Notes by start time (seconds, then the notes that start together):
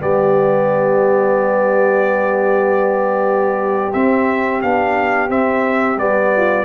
0.00 G3 B3 G4 D5
3.93 C4 E5
4.62 B3 D4 F5
5.29 C4 E5
5.97 G3 B3 D5
6.37 F4